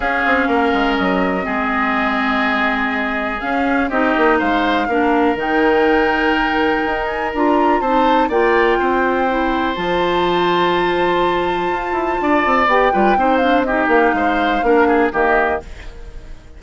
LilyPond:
<<
  \new Staff \with { instrumentName = "flute" } { \time 4/4 \tempo 4 = 123 f''2 dis''2~ | dis''2. f''4 | dis''4 f''2 g''4~ | g''2~ g''8 gis''8 ais''4 |
a''4 g''2. | a''1~ | a''2 g''4. f''8 | dis''8 f''2~ f''8 dis''4 | }
  \new Staff \with { instrumentName = "oboe" } { \time 4/4 gis'4 ais'2 gis'4~ | gis'1 | g'4 c''4 ais'2~ | ais'1 |
c''4 d''4 c''2~ | c''1~ | c''4 d''4. b'8 c''4 | g'4 c''4 ais'8 gis'8 g'4 | }
  \new Staff \with { instrumentName = "clarinet" } { \time 4/4 cis'2. c'4~ | c'2. cis'4 | dis'2 d'4 dis'4~ | dis'2. f'4 |
dis'4 f'2 e'4 | f'1~ | f'2 g'8 f'8 dis'8 d'8 | dis'2 d'4 ais4 | }
  \new Staff \with { instrumentName = "bassoon" } { \time 4/4 cis'8 c'8 ais8 gis8 fis4 gis4~ | gis2. cis'4 | c'8 ais8 gis4 ais4 dis4~ | dis2 dis'4 d'4 |
c'4 ais4 c'2 | f1 | f'8 e'8 d'8 c'8 b8 g8 c'4~ | c'8 ais8 gis4 ais4 dis4 | }
>>